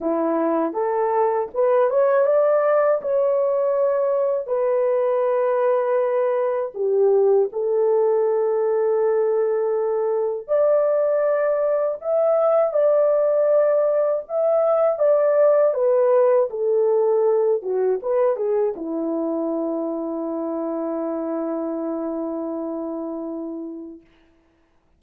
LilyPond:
\new Staff \with { instrumentName = "horn" } { \time 4/4 \tempo 4 = 80 e'4 a'4 b'8 cis''8 d''4 | cis''2 b'2~ | b'4 g'4 a'2~ | a'2 d''2 |
e''4 d''2 e''4 | d''4 b'4 a'4. fis'8 | b'8 gis'8 e'2.~ | e'1 | }